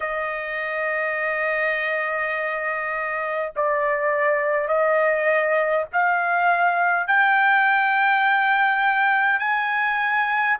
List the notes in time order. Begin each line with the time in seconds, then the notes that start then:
0.00 D#5
3.56 D5
4.67 D#5
5.93 F5
7.06 G5
9.39 G#5